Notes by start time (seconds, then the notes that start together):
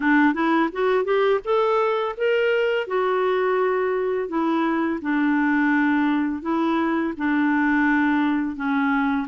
0.00 D4
0.34 E4
0.72 F#4
1.04 G4
1.44 A4
2.17 A#4
2.87 F#4
4.28 E4
5.01 D4
6.42 E4
7.17 D4
8.56 C#4